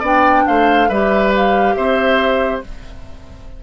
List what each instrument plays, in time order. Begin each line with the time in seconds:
0.00 bassoon B3, clarinet D4, oboe D5, flute G5
0.48 bassoon A3, oboe C5, flute F5
0.89 bassoon G3, clarinet G4, oboe B4, flute E5
1.36 flute F5
1.75 bassoon C4, oboe C5, flute E5